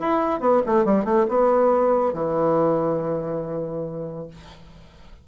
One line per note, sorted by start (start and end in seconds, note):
0.00 0.41 E4
0.41 0.62 B3
0.66 0.85 A3
0.85 1.05 G3
1.05 1.26 A3
1.29 2.14 B3
2.14 4.28 E3